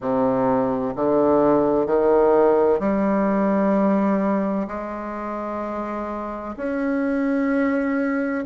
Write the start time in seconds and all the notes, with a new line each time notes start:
0.00 C3
0.95 D3
1.86 D#3
2.79 G3
4.67 G#3
6.56 C#4